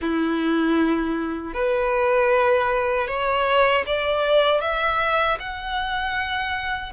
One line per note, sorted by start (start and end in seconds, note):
0.01 1.53 E4
1.53 3.07 B4
3.07 3.84 C#5
3.86 4.60 D5
4.60 5.37 E5
5.39 6.92 F#5